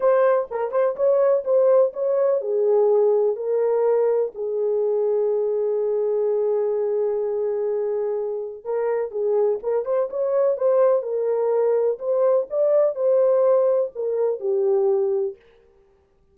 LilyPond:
\new Staff \with { instrumentName = "horn" } { \time 4/4 \tempo 4 = 125 c''4 ais'8 c''8 cis''4 c''4 | cis''4 gis'2 ais'4~ | ais'4 gis'2.~ | gis'1~ |
gis'2 ais'4 gis'4 | ais'8 c''8 cis''4 c''4 ais'4~ | ais'4 c''4 d''4 c''4~ | c''4 ais'4 g'2 | }